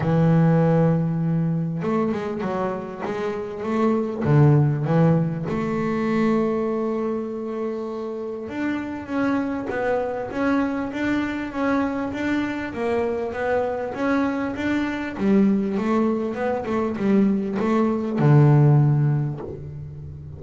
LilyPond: \new Staff \with { instrumentName = "double bass" } { \time 4/4 \tempo 4 = 99 e2. a8 gis8 | fis4 gis4 a4 d4 | e4 a2.~ | a2 d'4 cis'4 |
b4 cis'4 d'4 cis'4 | d'4 ais4 b4 cis'4 | d'4 g4 a4 b8 a8 | g4 a4 d2 | }